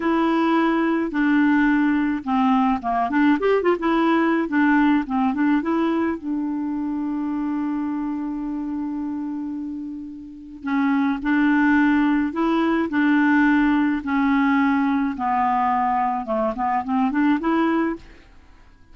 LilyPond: \new Staff \with { instrumentName = "clarinet" } { \time 4/4 \tempo 4 = 107 e'2 d'2 | c'4 ais8 d'8 g'8 f'16 e'4~ e'16 | d'4 c'8 d'8 e'4 d'4~ | d'1~ |
d'2. cis'4 | d'2 e'4 d'4~ | d'4 cis'2 b4~ | b4 a8 b8 c'8 d'8 e'4 | }